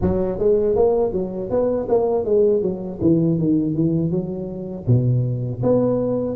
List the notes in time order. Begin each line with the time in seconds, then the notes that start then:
0.01 F#3
0.39 G#3
0.75 A#3
1.12 F#3
1.50 B3
1.89 A#3
2.25 G#3
2.61 F#3
3.01 E3
3.39 D#3
3.75 E3
4.10 F#3
4.86 B2
5.62 B3